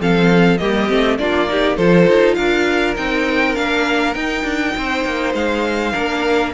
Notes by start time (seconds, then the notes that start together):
0.00 F3 C4 A4 F5
0.58 G3 A#3 G4 D#5
0.88 A3 C4
1.18 A#3 D4 F4 D5
1.48 D#4 G4
1.77 F3 F4 A4 C5
2.08 D#4
2.35 D4 A#4 F5
2.97 C4 D#4 G5
3.55 A#3 D4 F5
4.14 D#4 G5
4.44 D4
4.78 C4 C5
5.05 A#3
5.35 G#3 F5
5.93 A#3 D4 A#4